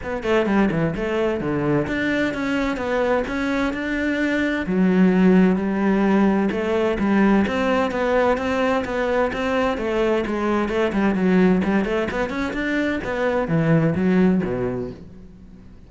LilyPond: \new Staff \with { instrumentName = "cello" } { \time 4/4 \tempo 4 = 129 b8 a8 g8 e8 a4 d4 | d'4 cis'4 b4 cis'4 | d'2 fis2 | g2 a4 g4 |
c'4 b4 c'4 b4 | c'4 a4 gis4 a8 g8 | fis4 g8 a8 b8 cis'8 d'4 | b4 e4 fis4 b,4 | }